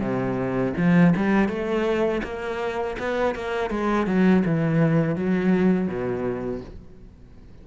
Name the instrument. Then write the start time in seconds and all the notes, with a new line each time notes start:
cello
0.00 C3
0.77 F3
1.16 G3
1.49 A3
2.24 A#3
2.99 B3
3.35 A#3
3.70 G#3
4.07 F#3
4.45 E3
5.16 F#3
5.88 B2